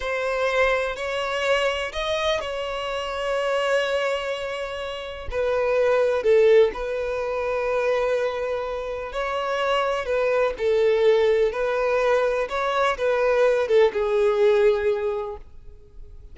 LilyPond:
\new Staff \with { instrumentName = "violin" } { \time 4/4 \tempo 4 = 125 c''2 cis''2 | dis''4 cis''2.~ | cis''2. b'4~ | b'4 a'4 b'2~ |
b'2. cis''4~ | cis''4 b'4 a'2 | b'2 cis''4 b'4~ | b'8 a'8 gis'2. | }